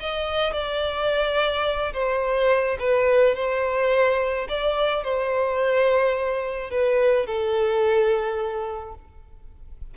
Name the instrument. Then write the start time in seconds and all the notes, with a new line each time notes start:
violin
0.00 D#5
0.53 D5
1.93 C5
2.79 B4
3.35 C5
4.49 D5
5.03 C5
6.70 B4
7.26 A4